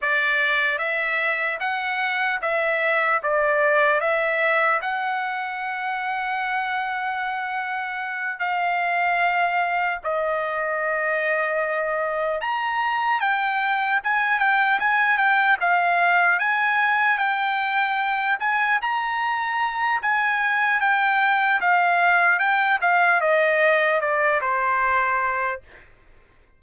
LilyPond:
\new Staff \with { instrumentName = "trumpet" } { \time 4/4 \tempo 4 = 75 d''4 e''4 fis''4 e''4 | d''4 e''4 fis''2~ | fis''2~ fis''8 f''4.~ | f''8 dis''2. ais''8~ |
ais''8 g''4 gis''8 g''8 gis''8 g''8 f''8~ | f''8 gis''4 g''4. gis''8 ais''8~ | ais''4 gis''4 g''4 f''4 | g''8 f''8 dis''4 d''8 c''4. | }